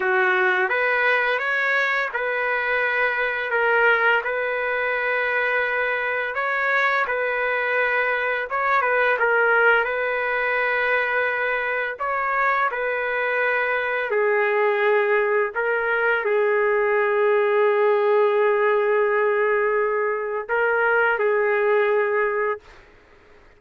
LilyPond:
\new Staff \with { instrumentName = "trumpet" } { \time 4/4 \tempo 4 = 85 fis'4 b'4 cis''4 b'4~ | b'4 ais'4 b'2~ | b'4 cis''4 b'2 | cis''8 b'8 ais'4 b'2~ |
b'4 cis''4 b'2 | gis'2 ais'4 gis'4~ | gis'1~ | gis'4 ais'4 gis'2 | }